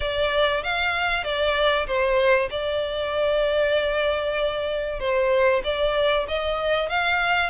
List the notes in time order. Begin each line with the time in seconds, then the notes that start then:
0.00 D5
0.62 F5
1.23 D5
1.86 C5
2.50 D5
4.99 C5
5.64 D5
6.28 D#5
6.89 F5